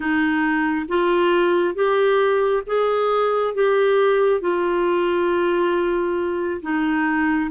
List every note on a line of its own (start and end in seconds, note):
0.00 0.86 D#4
0.88 1.74 F4
1.74 2.63 G4
2.66 3.54 G#4
3.54 4.40 G4
4.40 6.61 F4
6.62 7.50 D#4